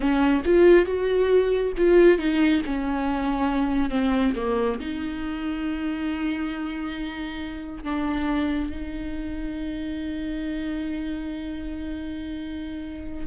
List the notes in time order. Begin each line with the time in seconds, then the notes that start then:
0.00 C#4
0.45 F4
0.85 F#4
1.77 F4
2.18 D#4
2.65 C#4
3.90 C4
4.35 A#3
4.79 D#4
7.83 D4
8.70 D#4